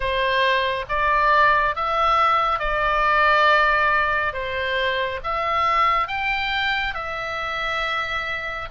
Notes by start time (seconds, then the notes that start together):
0.00 C5
0.88 D5
1.75 E5
2.59 D5
4.33 C5
5.23 E5
6.07 G5
6.94 E5